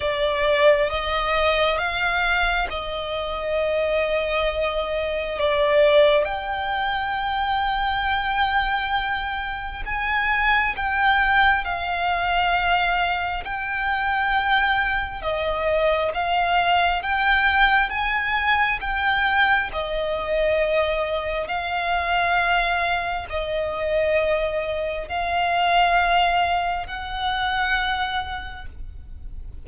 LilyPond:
\new Staff \with { instrumentName = "violin" } { \time 4/4 \tempo 4 = 67 d''4 dis''4 f''4 dis''4~ | dis''2 d''4 g''4~ | g''2. gis''4 | g''4 f''2 g''4~ |
g''4 dis''4 f''4 g''4 | gis''4 g''4 dis''2 | f''2 dis''2 | f''2 fis''2 | }